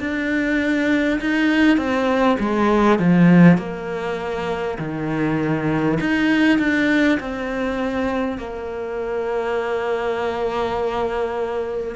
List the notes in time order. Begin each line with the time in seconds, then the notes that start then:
0.00 D4
1.21 D#4
1.77 C4
2.39 G#3
2.99 F3
3.58 A#3
4.78 D#3
6.01 D#4
6.58 D4
7.20 C4
8.38 A#3